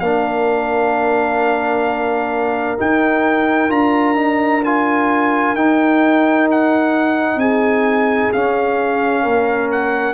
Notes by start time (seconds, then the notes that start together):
0.00 A#3 D4 A#4 F5
2.78 D#4 G5
3.69 D4 F4 A#5
4.15 D#4
4.65 F4 G#5
5.55 D#4 G5
6.51 F#5
7.36 C4 G#4 G#5
8.33 C#4 F5
9.23 A#3 A#4
9.72 F#5